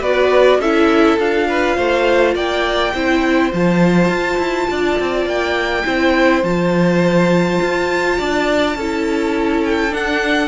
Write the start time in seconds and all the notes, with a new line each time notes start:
0.00 B3 F#4 B4 D5
0.59 C#4 E4 A4 E5
1.18 D4 F4 F5
1.48 B4
1.76 A3 C5
2.35 A#3 D5 G5
2.94 C4 E4 C5
3.52 F3 F4 A5
4.08 F4
4.38 E4
4.70 D4 D5
5.00 C4
5.26 A#3 G5
5.85 C4 E4 C5
6.43 F3 F4 A5
7.61 F4
8.18 D4 D5
8.75 C#4 E4 A4
9.65 G5
9.90 D4 F#5